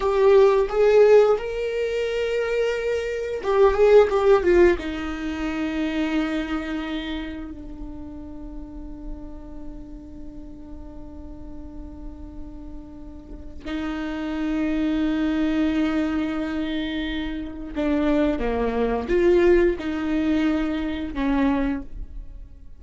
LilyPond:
\new Staff \with { instrumentName = "viola" } { \time 4/4 \tempo 4 = 88 g'4 gis'4 ais'2~ | ais'4 g'8 gis'8 g'8 f'8 dis'4~ | dis'2. d'4~ | d'1~ |
d'1 | dis'1~ | dis'2 d'4 ais4 | f'4 dis'2 cis'4 | }